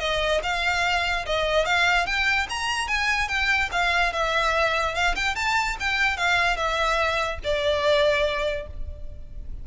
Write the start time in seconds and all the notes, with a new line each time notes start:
0.00 D#5
0.43 F5
1.26 D#5
1.66 F5
2.06 G5
2.50 A#5
2.88 G#5
3.29 G5
3.72 F5
4.13 E5
4.95 F5
5.16 G5
5.36 A5
5.80 G5
6.17 F5
6.57 E5
7.44 D5